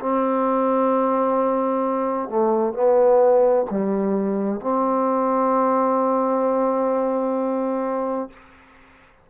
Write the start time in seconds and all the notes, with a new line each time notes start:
0.00 C4
2.29 A3
2.74 B3
3.70 G3
4.61 C4